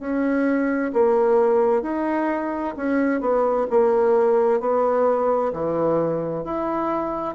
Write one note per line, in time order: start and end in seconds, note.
0.00 0.92 C#4
0.94 1.83 A#3
1.83 2.75 D#4
2.77 3.21 C#4
3.21 3.67 B3
3.70 4.61 A#3
4.61 5.53 B3
5.53 6.45 E3
6.45 7.36 E4